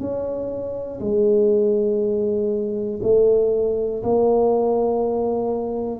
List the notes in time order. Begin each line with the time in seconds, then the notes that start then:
0.00 C#4
1.00 G#3
3.03 A3
4.03 A#3